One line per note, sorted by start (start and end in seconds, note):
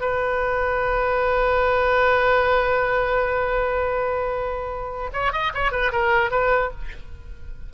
0.00 5.10 B4
5.13 5.32 C#5
5.32 5.52 D#5
5.54 5.71 C#5
5.71 5.91 B4
5.91 6.31 A#4
6.31 6.71 B4